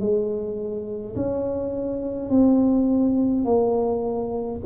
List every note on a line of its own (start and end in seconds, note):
0.00 1.15 G#3
1.16 2.30 C#4
2.30 3.45 C4
3.45 4.60 A#3